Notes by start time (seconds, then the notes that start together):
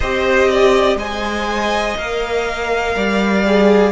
0.00 C4 G4 C5 D#5
0.50 D5
0.95 G#3 C5 D#5 G#5
1.96 A#3 A#4 F5
2.96 G3 D5
3.46 G#4